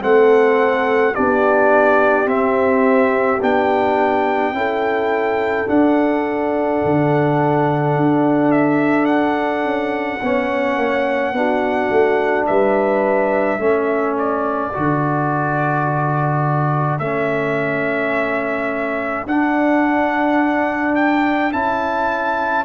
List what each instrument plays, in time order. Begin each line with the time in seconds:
0.00 tuba A3, trombone C4, horn A4, trumpet F#5
1.14 tuba B3, trombone D4, horn G4, trumpet D5
2.25 tuba C4, trombone C4, trumpet E5
3.41 tuba B3, trombone D4, trumpet G5
4.52 tuba C#4, trombone E4, horn A4
5.67 trombone D4, tuba D4, trumpet F#5
6.84 tuba D3
7.96 tuba D4
8.51 trumpet E5
9.05 trumpet F#5
9.64 tuba C#4
10.22 tuba B3, trombone C#4, horn C#5
10.76 tuba A#3
11.32 tuba B3, trombone D4, horn F#4
11.90 tuba A3
12.46 tuba G3, horn B4, trumpet E5
13.58 tuba A3, trombone C#4, horn A4
14.18 trumpet D5
14.73 tuba D3, trombone F#4
16.98 tuba A3, trombone C#4, trumpet E5
19.25 tuba D4, trombone D4, trumpet F#5
20.95 trumpet G5
21.52 tuba C#4, trombone E4, trumpet A5